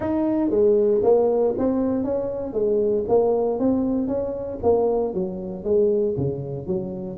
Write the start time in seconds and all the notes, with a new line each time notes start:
0.00 D#4
0.50 G#3
1.03 A#3
1.58 C4
2.03 C#4
2.53 G#3
3.08 A#3
3.59 C4
4.07 C#4
4.62 A#3
5.14 F#3
5.64 G#3
6.17 C#3
6.66 F#3